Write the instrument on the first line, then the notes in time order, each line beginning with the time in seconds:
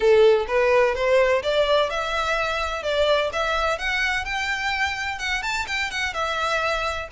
violin
0.00 A4
0.47 B4
0.94 C5
1.43 D5
1.90 E5
2.83 D5
3.32 E5
3.78 F#5
4.24 G5
5.18 F#5
5.42 A5
5.67 G5
5.90 F#5
6.13 E5